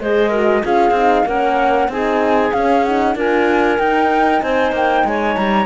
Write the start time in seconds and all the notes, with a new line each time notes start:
0.00 G#3 G#4 C5 D#5
0.30 F#4 A#4
0.64 C#4 F4 G#4 F5
0.91 C4
0.97 D#4
1.26 A#3 C#4 A#4 F#5
1.89 C4 D#4 G#4 G#5
2.52 C#4 F5
2.84 D#4 F#5
3.16 D4 F4 A#4 G#5
3.79 D#4 G5
4.42 C4 C5 G#5
4.72 A#3 G5
5.05 G#3 C#5 G#5
5.37 G3 A#5